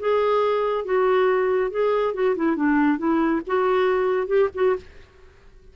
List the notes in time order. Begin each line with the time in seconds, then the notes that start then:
0.00 G#4
0.85 F#4
1.71 G#4
2.14 F#4
2.37 E4
2.56 D4
2.98 E4
3.47 F#4
4.28 G4
4.55 F#4